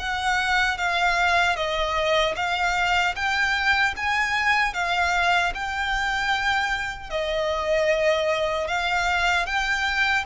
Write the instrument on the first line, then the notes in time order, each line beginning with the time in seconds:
violin
0.00 F#5
0.78 F5
1.56 D#5
2.36 F5
3.16 G5
3.97 G#5
4.74 F5
5.55 G5
7.11 D#5
8.68 F5
9.46 G5